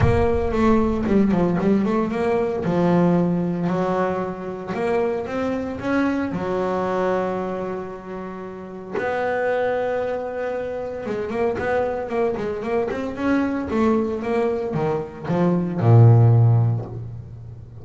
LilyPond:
\new Staff \with { instrumentName = "double bass" } { \time 4/4 \tempo 4 = 114 ais4 a4 g8 f8 g8 a8 | ais4 f2 fis4~ | fis4 ais4 c'4 cis'4 | fis1~ |
fis4 b2.~ | b4 gis8 ais8 b4 ais8 gis8 | ais8 c'8 cis'4 a4 ais4 | dis4 f4 ais,2 | }